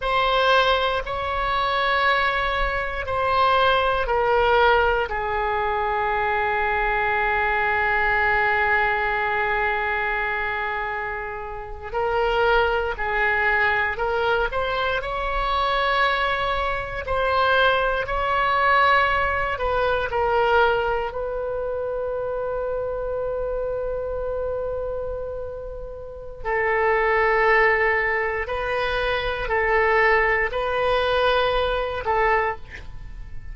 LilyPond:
\new Staff \with { instrumentName = "oboe" } { \time 4/4 \tempo 4 = 59 c''4 cis''2 c''4 | ais'4 gis'2.~ | gis'2.~ gis'8. ais'16~ | ais'8. gis'4 ais'8 c''8 cis''4~ cis''16~ |
cis''8. c''4 cis''4. b'8 ais'16~ | ais'8. b'2.~ b'16~ | b'2 a'2 | b'4 a'4 b'4. a'8 | }